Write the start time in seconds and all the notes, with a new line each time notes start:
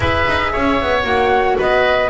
0.00 E4 G#4 B4 E5
0.27 D#4
0.52 C#4 C#5
0.81 B3
1.03 A#3 F#4 F#5
1.58 B3 B4 D#5